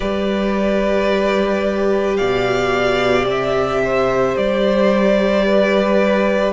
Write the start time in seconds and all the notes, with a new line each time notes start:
0.00 G3 G4 B4 D5
2.16 B2 D5 F5
3.25 C3 E5
3.83 C5
4.37 G3 D5
5.45 B4